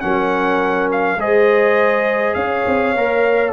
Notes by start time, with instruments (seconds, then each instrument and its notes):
0.00 tuba F#3, trombone C#4, horn A#4, trumpet F#5
0.91 trumpet F5
1.17 tuba G#3, trombone G#4, horn C5, trumpet D#5
2.34 tuba C#4, horn C#5, trumpet F5
2.66 tuba C4
2.95 tuba A#3, trombone A#4